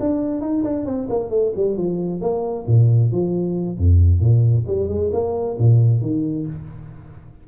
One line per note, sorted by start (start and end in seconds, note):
0.00 0.41 D4
0.41 0.63 D#4
0.64 0.85 D4
0.85 1.08 C4
1.09 1.30 A#3
1.30 1.52 A3
1.56 1.77 G3
1.77 2.21 F3
2.21 2.66 A#3
2.67 3.12 A#2
3.12 3.78 F3
3.78 4.20 F2
4.20 4.65 A#2
4.67 4.88 G3
4.88 5.11 G#3
5.13 5.58 A#3
5.59 6.02 A#2
6.02 6.46 D#3